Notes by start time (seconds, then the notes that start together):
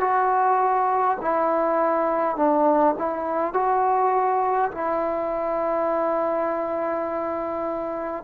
0.00 F#4
1.21 E4
2.36 D4
2.98 E4
3.53 F#4
4.72 E4